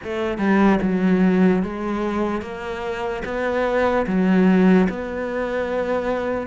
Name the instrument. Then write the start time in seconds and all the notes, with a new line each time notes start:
cello
0.03 A3
0.38 G3
0.82 F#3
1.63 G#3
2.41 A#3
3.24 B3
4.07 F#3
4.89 B3